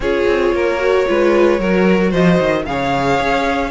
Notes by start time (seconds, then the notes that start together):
0.00 C#4 F4 G#4 C#5
0.26 C4
0.52 A#3 A#4
0.78 F#4
1.07 G#3 F4 B4
1.59 F#3 F#4 A#4
2.10 F3 C5 D#5
2.39 D#3
2.65 C#3 G#4 C#5 F5
3.19 C#4